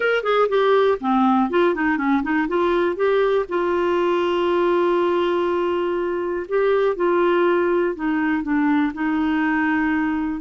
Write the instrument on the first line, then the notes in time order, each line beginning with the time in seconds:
clarinet
0.00 A#4
0.23 G#4
0.48 G4
1.00 C4
1.49 F4
1.74 D#4
1.97 C#4
2.22 D#4
2.48 F4
2.96 G4
3.48 F4
6.48 G4
6.96 F4
7.95 D#4
8.43 D4
8.93 D#4